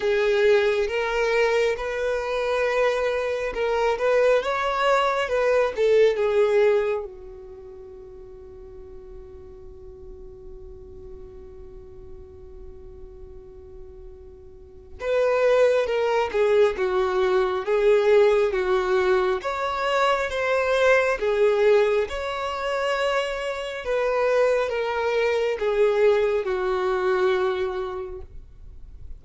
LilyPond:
\new Staff \with { instrumentName = "violin" } { \time 4/4 \tempo 4 = 68 gis'4 ais'4 b'2 | ais'8 b'8 cis''4 b'8 a'8 gis'4 | fis'1~ | fis'1~ |
fis'4 b'4 ais'8 gis'8 fis'4 | gis'4 fis'4 cis''4 c''4 | gis'4 cis''2 b'4 | ais'4 gis'4 fis'2 | }